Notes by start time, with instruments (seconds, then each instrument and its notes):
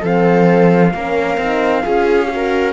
0.00 cello F3, horn C4, viola A4, trumpet F5
0.94 cello A#3, horn C#4, viola A#4
1.37 cello C4, horn D#4
1.82 cello C#4, horn F4, viola G#4
2.30 horn F#4, viola A#4